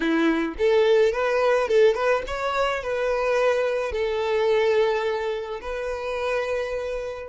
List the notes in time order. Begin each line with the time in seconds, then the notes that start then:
0.00 E4
0.58 A4
1.12 B4
1.68 A4
1.94 B4
2.27 C#5
2.82 B4
3.92 A4
5.61 B4